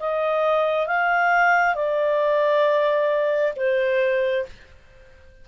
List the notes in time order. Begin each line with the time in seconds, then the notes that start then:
0.00 D#5
0.88 F5
1.75 D5
3.57 C5